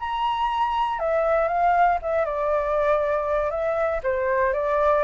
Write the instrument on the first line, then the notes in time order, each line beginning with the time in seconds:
flute
0.00 A#5
1.00 E5
1.49 F5
2.02 E5
2.26 D5
3.51 E5
4.03 C5
4.53 D5